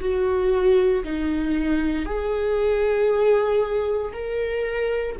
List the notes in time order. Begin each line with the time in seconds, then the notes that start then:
0.00 F#4
1.04 D#4
2.05 G#4
4.13 A#4